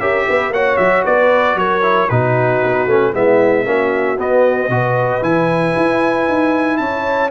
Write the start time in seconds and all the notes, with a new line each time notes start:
0.00 C#4 G4 A#4 E5
0.29 B3 B4
0.50 A#3 F#4 C#5 F#5
0.77 F#3 E5
1.04 B3 B4 D5
1.55 F#3 A#4 C#5
1.82 E4
2.09 B2 D#4 F#4 B4
2.63 B3
2.86 A3 C#4
3.13 G#3 B3 E4 E5
3.65 A#3 C#4 F#4
4.18 B3 D#5
4.69 B2 F#4 B4
5.22 E3 E4 G#5
5.77 E4
6.29 D#4
6.77 C#4 C#5 A5